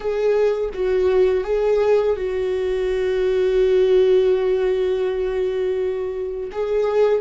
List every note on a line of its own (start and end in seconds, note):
0.00 0.69 G#4
0.73 1.44 F#4
1.44 2.16 G#4
2.16 6.50 F#4
6.52 7.21 G#4